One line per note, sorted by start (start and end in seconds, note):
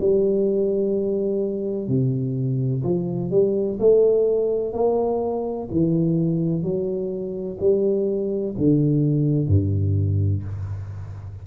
0.00 1.88 G3
1.88 2.83 C3
2.84 3.31 F3
3.31 3.78 G3
3.80 4.73 A3
4.73 5.68 A#3
5.71 6.62 E3
6.62 7.58 F#3
7.60 8.55 G3
8.58 9.48 D3
9.48 10.43 G2